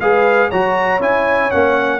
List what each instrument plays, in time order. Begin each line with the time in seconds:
0.00 tuba G#3, trombone G#4, horn B4, trumpet F5
0.49 tuba F#3, trombone F#4, horn C#5, trumpet A#5
0.99 tuba C#4, trombone E4, trumpet G#5
1.51 tuba A#3, trombone C#4, trumpet F#5